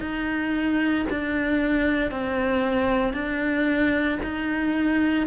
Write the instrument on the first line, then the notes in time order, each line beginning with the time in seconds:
cello
0.00 D#4
1.10 D4
2.11 C4
3.13 D4
4.22 D#4